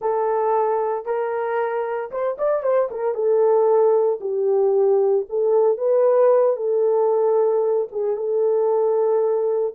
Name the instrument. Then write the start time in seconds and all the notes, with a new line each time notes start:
horn
0.01 A4
1.05 A#4
2.11 C5
2.38 D5
2.62 C5
2.90 A#4
3.14 A4
4.20 G4
5.29 A4
5.77 B4
6.56 A4
7.91 G#4
8.16 A4